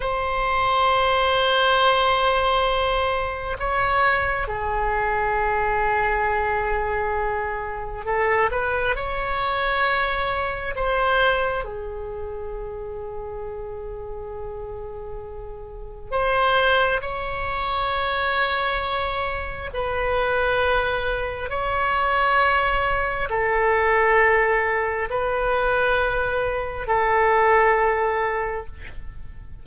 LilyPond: \new Staff \with { instrumentName = "oboe" } { \time 4/4 \tempo 4 = 67 c''1 | cis''4 gis'2.~ | gis'4 a'8 b'8 cis''2 | c''4 gis'2.~ |
gis'2 c''4 cis''4~ | cis''2 b'2 | cis''2 a'2 | b'2 a'2 | }